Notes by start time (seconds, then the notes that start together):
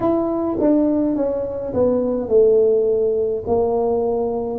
0.00 E4
0.60 D4
1.15 C#4
1.73 B3
2.28 A3
3.46 A#3